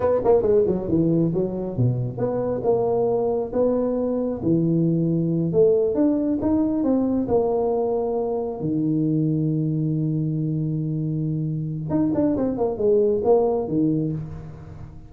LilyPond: \new Staff \with { instrumentName = "tuba" } { \time 4/4 \tempo 4 = 136 b8 ais8 gis8 fis8 e4 fis4 | b,4 b4 ais2 | b2 e2~ | e8 a4 d'4 dis'4 c'8~ |
c'8 ais2. dis8~ | dis1~ | dis2. dis'8 d'8 | c'8 ais8 gis4 ais4 dis4 | }